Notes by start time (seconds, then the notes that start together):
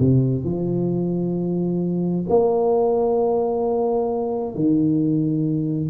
0.00 C3
0.45 F3
2.30 A#3
4.56 D#3